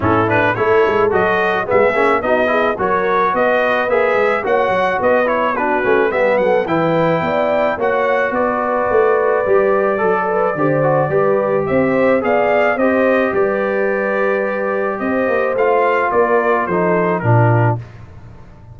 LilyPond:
<<
  \new Staff \with { instrumentName = "trumpet" } { \time 4/4 \tempo 4 = 108 a'8 b'8 cis''4 dis''4 e''4 | dis''4 cis''4 dis''4 e''4 | fis''4 dis''8 cis''8 b'4 e''8 fis''8 | g''2 fis''4 d''4~ |
d''1~ | d''4 e''4 f''4 dis''4 | d''2. dis''4 | f''4 d''4 c''4 ais'4 | }
  \new Staff \with { instrumentName = "horn" } { \time 4/4 e'4 a'2 gis'4 | fis'8 gis'8 ais'4 b'2 | cis''4 b'4 fis'4 g'8 a'8 | b'4 d''4 cis''4 b'4~ |
b'2 a'8 b'8 c''4 | b'4 c''4 d''4 c''4 | b'2. c''4~ | c''4 ais'4 a'4 f'4 | }
  \new Staff \with { instrumentName = "trombone" } { \time 4/4 cis'8 d'8 e'4 fis'4 b8 cis'8 | dis'8 e'8 fis'2 gis'4 | fis'4. e'8 d'8 cis'8 b4 | e'2 fis'2~ |
fis'4 g'4 a'4 g'8 fis'8 | g'2 gis'4 g'4~ | g'1 | f'2 dis'4 d'4 | }
  \new Staff \with { instrumentName = "tuba" } { \time 4/4 a,4 a8 gis8 fis4 gis8 ais8 | b4 fis4 b4 ais8 gis8 | ais8 fis8 b4. a8 g8 fis8 | e4 b4 ais4 b4 |
a4 g4 fis4 d4 | g4 c'4 b4 c'4 | g2. c'8 ais8 | a4 ais4 f4 ais,4 | }
>>